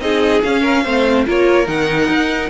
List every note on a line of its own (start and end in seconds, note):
0.00 0.42 C4
0.00 0.42 D#4
0.00 0.62 G#4
0.00 0.42 D#5
0.42 0.85 C#4
0.42 1.26 F5
0.62 0.83 A#4
0.83 1.26 A3
0.83 1.26 C4
0.83 1.25 C5
1.26 1.67 A#3
1.26 1.65 F4
1.26 2.50 A#4
1.26 1.67 C#5
1.65 2.09 D#3
1.65 2.49 D#4
1.65 2.50 F#5
2.09 2.50 D#4